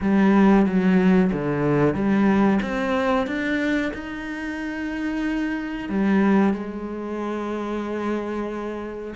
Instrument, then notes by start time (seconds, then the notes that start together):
cello
0.01 G3
0.66 F#3
1.32 D3
1.94 G3
2.61 C4
3.26 D4
3.93 D#4
5.89 G3
6.53 G#3